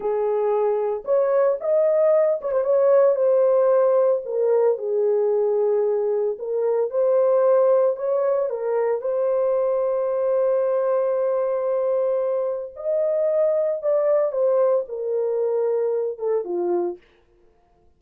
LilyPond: \new Staff \with { instrumentName = "horn" } { \time 4/4 \tempo 4 = 113 gis'2 cis''4 dis''4~ | dis''8 cis''16 c''16 cis''4 c''2 | ais'4 gis'2. | ais'4 c''2 cis''4 |
ais'4 c''2.~ | c''1 | dis''2 d''4 c''4 | ais'2~ ais'8 a'8 f'4 | }